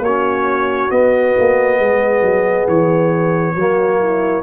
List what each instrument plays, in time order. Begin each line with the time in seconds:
0.00 tuba A#3, horn F#4, trumpet C#5
0.08 trombone C#4
0.91 tuba B3, trombone B3, trumpet D#5
1.39 tuba A#3
1.79 tuba G#3, horn G#4
2.22 tuba F#3
2.68 tuba E3, trumpet C#5
3.55 tuba F#3, trombone A#3, horn F#4
3.99 horn E4